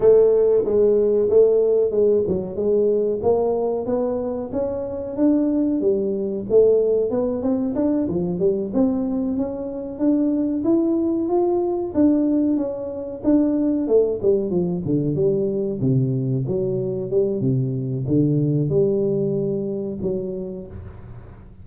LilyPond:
\new Staff \with { instrumentName = "tuba" } { \time 4/4 \tempo 4 = 93 a4 gis4 a4 gis8 fis8 | gis4 ais4 b4 cis'4 | d'4 g4 a4 b8 c'8 | d'8 f8 g8 c'4 cis'4 d'8~ |
d'8 e'4 f'4 d'4 cis'8~ | cis'8 d'4 a8 g8 f8 d8 g8~ | g8 c4 fis4 g8 c4 | d4 g2 fis4 | }